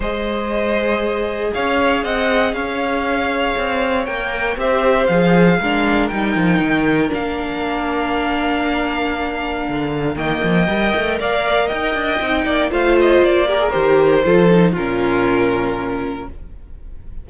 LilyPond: <<
  \new Staff \with { instrumentName = "violin" } { \time 4/4 \tempo 4 = 118 dis''2. f''4 | fis''4 f''2. | g''4 e''4 f''2 | g''2 f''2~ |
f''1 | g''2 f''4 g''4~ | g''4 f''8 dis''8 d''4 c''4~ | c''4 ais'2. | }
  \new Staff \with { instrumentName = "violin" } { \time 4/4 c''2. cis''4 | dis''4 cis''2.~ | cis''4 c''2 ais'4~ | ais'1~ |
ais'1 | dis''2 d''4 dis''4~ | dis''8 d''8 c''4. ais'4. | a'4 f'2. | }
  \new Staff \with { instrumentName = "viola" } { \time 4/4 gis'1~ | gis'1 | ais'4 g'4 gis'4 d'4 | dis'2 d'2~ |
d'1 | ais4 ais'2. | dis'4 f'4. g'16 gis'16 g'4 | f'8 dis'8 cis'2. | }
  \new Staff \with { instrumentName = "cello" } { \time 4/4 gis2. cis'4 | c'4 cis'2 c'4 | ais4 c'4 f4 gis4 | g8 f8 dis4 ais2~ |
ais2. d4 | dis8 f8 g8 a8 ais4 dis'8 d'8 | c'8 ais8 a4 ais4 dis4 | f4 ais,2. | }
>>